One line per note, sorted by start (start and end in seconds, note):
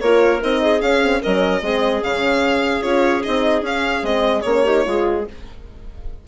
0.00 0.41 A#3
0.00 0.40 F4
0.00 0.61 A#4
0.00 0.40 C#5
0.40 0.81 C4
0.40 0.80 D#4
0.40 0.81 D#5
0.61 1.20 G#4
0.80 1.00 C#4
0.80 1.21 C#4
0.80 1.21 F5
1.00 1.21 C4
1.20 1.61 F#3
1.20 1.62 C#4
1.20 1.61 A#4
1.20 2.03 D#5
1.61 2.01 G#3
1.61 2.02 C4
1.61 4.64 G#4
2.02 2.83 C#3
2.02 2.82 C#4
2.02 2.82 F5
2.82 3.24 C#4
2.82 3.22 F4
2.82 3.22 C#5
3.22 3.61 C4
3.22 3.64 D#4
3.22 3.63 D#5
3.61 4.02 C#4
3.61 4.05 F5
4.02 4.43 G#3
4.02 4.42 C4
4.02 4.41 D#5
4.41 4.85 A#3
4.41 4.65 C#4
4.41 5.21 C#5
4.64 4.85 D#4
4.64 4.84 G4
4.85 5.27 G#3
4.85 5.25 F4
4.85 5.27 G#4